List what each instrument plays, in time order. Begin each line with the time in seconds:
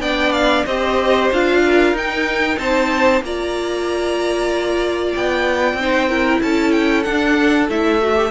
0.00 cello B3, viola D4, violin D5 G5
0.33 violin F5
0.66 cello C4, viola G4, violin C5 D#5
1.32 cello D4, viola F4, violin F5
1.66 violin A#4
1.93 cello D#4, viola D#4, violin G5
2.59 cello C4, violin C5 A5
3.21 cello A#3, viola F4, violin D5 A#5
5.16 cello B3, violin G5
5.74 cello C4
5.80 viola D#4, violin C5
6.09 viola E4, violin A#4
6.42 cello C#4, violin A4 A5
6.72 violin G5
7.03 viola D4, cello D4, violin F#5
7.70 cello A3, viola E4, violin E5
8.02 viola F#4
8.16 viola G4